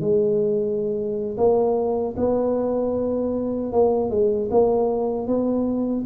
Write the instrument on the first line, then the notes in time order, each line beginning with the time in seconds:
tuba
0.00 G#3
1.37 A#3
2.16 B3
3.72 A#3
4.10 G#3
4.51 A#3
5.27 B3